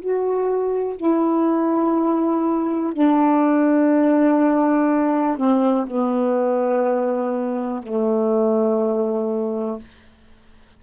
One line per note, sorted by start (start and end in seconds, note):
0.00 0.97 F#4
0.97 2.93 E4
2.93 5.37 D4
5.37 5.86 C4
5.87 7.83 B3
7.83 9.80 A3